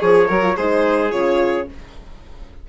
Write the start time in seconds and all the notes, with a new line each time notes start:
0.00 F3 G#4 C#5
0.28 F#3 F#4 A#4
0.42 F4
0.56 G#3 D#4 G#4 C5
1.11 C#3 F4 C#5